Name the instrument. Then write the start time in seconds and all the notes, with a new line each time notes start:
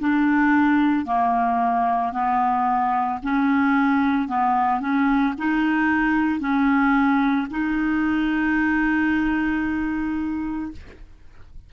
clarinet
0.00 D4
1.06 A#3
2.13 B3
3.23 C#4
4.29 B3
4.81 C#4
5.39 D#4
6.40 C#4
7.50 D#4